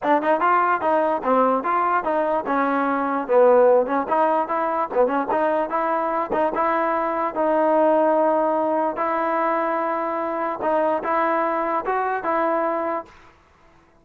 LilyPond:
\new Staff \with { instrumentName = "trombone" } { \time 4/4 \tempo 4 = 147 d'8 dis'8 f'4 dis'4 c'4 | f'4 dis'4 cis'2 | b4. cis'8 dis'4 e'4 | b8 cis'8 dis'4 e'4. dis'8 |
e'2 dis'2~ | dis'2 e'2~ | e'2 dis'4 e'4~ | e'4 fis'4 e'2 | }